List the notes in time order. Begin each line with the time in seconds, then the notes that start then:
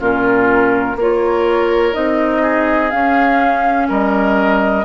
0.00 A#2 C#4 F4 A#4
0.96 A#3 F4 A#4 C#5
1.93 C4 D#4 D#5
2.42 G#4
2.91 C#4 F5
3.89 G3 A#4 D#5